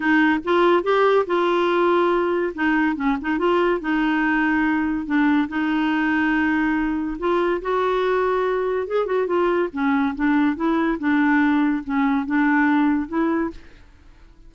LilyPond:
\new Staff \with { instrumentName = "clarinet" } { \time 4/4 \tempo 4 = 142 dis'4 f'4 g'4 f'4~ | f'2 dis'4 cis'8 dis'8 | f'4 dis'2. | d'4 dis'2.~ |
dis'4 f'4 fis'2~ | fis'4 gis'8 fis'8 f'4 cis'4 | d'4 e'4 d'2 | cis'4 d'2 e'4 | }